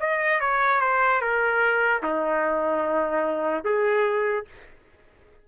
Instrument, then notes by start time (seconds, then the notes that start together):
trumpet
0.00 D#5
0.41 C#5
0.81 C5
1.21 A#4
2.03 D#4
3.64 G#4